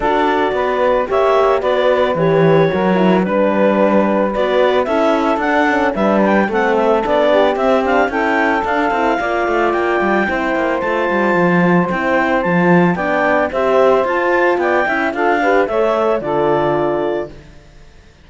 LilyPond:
<<
  \new Staff \with { instrumentName = "clarinet" } { \time 4/4 \tempo 4 = 111 d''2 e''4 d''4 | cis''2 b'2 | d''4 e''4 fis''4 e''8 g''8 | fis''8 e''8 d''4 e''8 f''8 g''4 |
f''2 g''2 | a''2 g''4 a''4 | g''4 e''4 a''4 g''4 | f''4 e''4 d''2 | }
  \new Staff \with { instrumentName = "saxophone" } { \time 4/4 a'4 b'4 cis''4 b'4~ | b'4 ais'4 b'2~ | b'4 a'2 b'4 | a'4. g'4. a'4~ |
a'4 d''2 c''4~ | c''1 | d''4 c''2 d''8 e''8 | a'8 b'8 cis''4 a'2 | }
  \new Staff \with { instrumentName = "horn" } { \time 4/4 fis'2 g'4 fis'4 | g'4 fis'8 e'8 d'2 | fis'4 e'4 d'8 cis'8 d'4 | c'4 d'4 c'8 d'8 e'4 |
d'8 e'8 f'2 e'4 | f'2 e'4 f'4 | d'4 g'4 f'4. e'8 | f'8 g'8 a'4 f'2 | }
  \new Staff \with { instrumentName = "cello" } { \time 4/4 d'4 b4 ais4 b4 | e4 fis4 g2 | b4 cis'4 d'4 g4 | a4 b4 c'4 cis'4 |
d'8 c'8 ais8 a8 ais8 g8 c'8 ais8 | a8 g8 f4 c'4 f4 | b4 c'4 f'4 b8 cis'8 | d'4 a4 d2 | }
>>